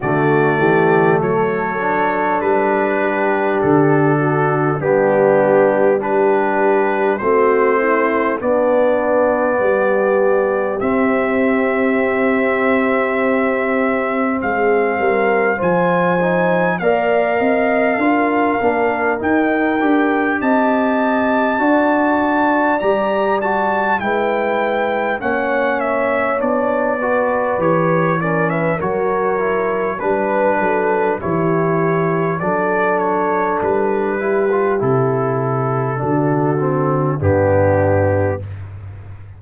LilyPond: <<
  \new Staff \with { instrumentName = "trumpet" } { \time 4/4 \tempo 4 = 50 d''4 cis''4 b'4 a'4 | g'4 b'4 c''4 d''4~ | d''4 e''2. | f''4 gis''4 f''2 |
g''4 a''2 ais''8 a''8 | g''4 fis''8 e''8 d''4 cis''8 d''16 e''16 | cis''4 b'4 cis''4 d''8 cis''8 | b'4 a'2 g'4 | }
  \new Staff \with { instrumentName = "horn" } { \time 4/4 fis'8 g'8 a'4. g'4 fis'8 | d'4 g'4 fis'8 e'8 d'4 | g'1 | gis'8 ais'8 c''4 d''8 dis''8 ais'4~ |
ais'4 dis''4 d''2 | b'4 cis''4. b'4 ais'16 b'16 | ais'4 b'8 a'8 g'4 a'4~ | a'8 g'4. fis'4 d'4 | }
  \new Staff \with { instrumentName = "trombone" } { \time 4/4 a4. d'2~ d'8 | b4 d'4 c'4 b4~ | b4 c'2.~ | c'4 f'8 dis'8 ais'4 f'8 d'8 |
dis'8 g'4. fis'4 g'8 fis'8 | e'4 cis'4 d'8 fis'8 g'8 cis'8 | fis'8 e'8 d'4 e'4 d'4~ | d'8 e'16 f'16 e'4 d'8 c'8 b4 | }
  \new Staff \with { instrumentName = "tuba" } { \time 4/4 d8 e8 fis4 g4 d4 | g2 a4 b4 | g4 c'2. | gis8 g8 f4 ais8 c'8 d'8 ais8 |
dis'8 d'8 c'4 d'4 g4 | gis4 ais4 b4 e4 | fis4 g8 fis8 e4 fis4 | g4 c4 d4 g,4 | }
>>